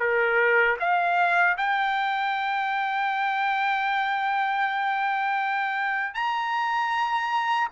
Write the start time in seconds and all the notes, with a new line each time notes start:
0.00 A#4
0.80 F5
1.57 G5
6.14 A#5